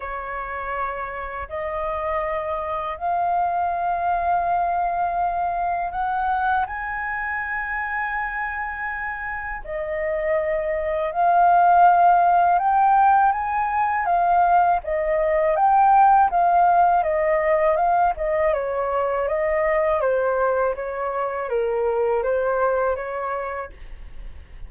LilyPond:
\new Staff \with { instrumentName = "flute" } { \time 4/4 \tempo 4 = 81 cis''2 dis''2 | f''1 | fis''4 gis''2.~ | gis''4 dis''2 f''4~ |
f''4 g''4 gis''4 f''4 | dis''4 g''4 f''4 dis''4 | f''8 dis''8 cis''4 dis''4 c''4 | cis''4 ais'4 c''4 cis''4 | }